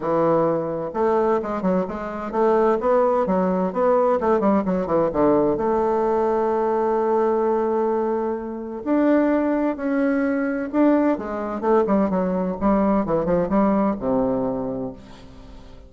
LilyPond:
\new Staff \with { instrumentName = "bassoon" } { \time 4/4 \tempo 4 = 129 e2 a4 gis8 fis8 | gis4 a4 b4 fis4 | b4 a8 g8 fis8 e8 d4 | a1~ |
a2. d'4~ | d'4 cis'2 d'4 | gis4 a8 g8 fis4 g4 | e8 f8 g4 c2 | }